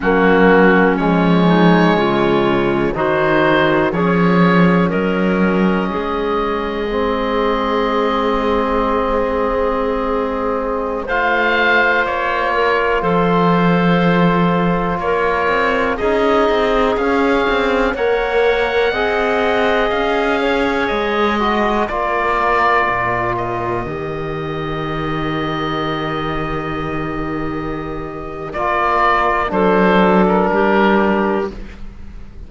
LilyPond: <<
  \new Staff \with { instrumentName = "oboe" } { \time 4/4 \tempo 4 = 61 fis'4 cis''2 c''4 | cis''4 dis''2.~ | dis''2.~ dis''16 f''8.~ | f''16 cis''4 c''2 cis''8.~ |
cis''16 dis''4 f''4 fis''4.~ fis''16~ | fis''16 f''4 dis''4 d''4. dis''16~ | dis''1~ | dis''4 d''4 c''8. ais'4~ ais'16 | }
  \new Staff \with { instrumentName = "clarinet" } { \time 4/4 cis'4. dis'8 f'4 fis'4 | gis'4 ais'4 gis'2~ | gis'2.~ gis'16 c''8.~ | c''8. ais'8 a'2 ais'8.~ |
ais'16 gis'2 cis''4 dis''8.~ | dis''8. cis''4 dis''8 ais'4.~ ais'16~ | ais'1~ | ais'2 a'4 g'4 | }
  \new Staff \with { instrumentName = "trombone" } { \time 4/4 ais4 gis2 dis'4 | cis'2. c'4~ | c'2.~ c'16 f'8.~ | f'1~ |
f'16 dis'4 cis'4 ais'4 gis'8.~ | gis'4.~ gis'16 fis'8 f'4.~ f'16~ | f'16 g'2.~ g'8.~ | g'4 f'4 d'2 | }
  \new Staff \with { instrumentName = "cello" } { \time 4/4 fis4 f4 cis4 dis4 | f4 fis4 gis2~ | gis2.~ gis16 a8.~ | a16 ais4 f2 ais8 c'16~ |
c'16 cis'8 c'8 cis'8 c'8 ais4 c'8.~ | c'16 cis'4 gis4 ais4 ais,8.~ | ais,16 dis2.~ dis8.~ | dis4 ais4 fis4 g4 | }
>>